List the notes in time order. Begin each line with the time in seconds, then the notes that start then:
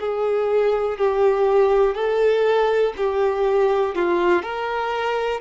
0.00 G#4
0.98 G4
1.95 A4
2.97 G4
3.95 F4
4.42 A#4